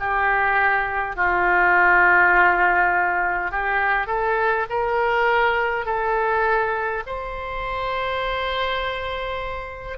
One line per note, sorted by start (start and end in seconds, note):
0.00 1.17 G4
1.17 3.51 F4
3.51 4.07 G4
4.07 4.66 A4
4.70 5.86 A#4
5.86 7.04 A4
7.07 9.98 C5